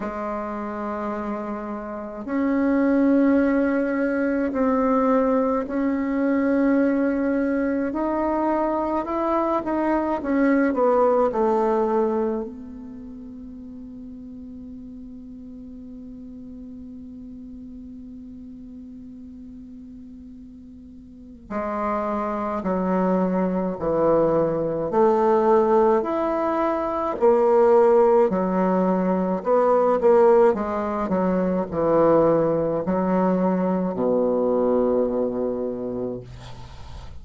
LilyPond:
\new Staff \with { instrumentName = "bassoon" } { \time 4/4 \tempo 4 = 53 gis2 cis'2 | c'4 cis'2 dis'4 | e'8 dis'8 cis'8 b8 a4 b4~ | b1~ |
b2. gis4 | fis4 e4 a4 e'4 | ais4 fis4 b8 ais8 gis8 fis8 | e4 fis4 b,2 | }